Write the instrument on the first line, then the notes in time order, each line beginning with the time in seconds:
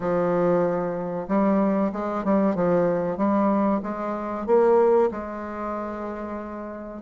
bassoon
0.00 F3
1.28 G3
1.92 G#3
2.24 G3
2.55 F3
3.17 G3
3.82 G#3
4.46 A#3
5.11 G#3